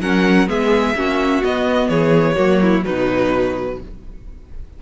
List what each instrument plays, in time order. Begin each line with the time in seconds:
0.00 cello F#3, viola C#4, violin A#4 F#5
0.47 cello G#3, viola B3, violin G#4 E5
0.95 cello A#3, viola C#4, violin F#4
1.42 viola B3, cello B3, violin D#5
1.88 cello E3, violin G#4 C#5
2.35 cello F#3, viola A#3, violin F#4
2.61 violin E4
2.82 cello B2, viola F#3, violin D#4 B4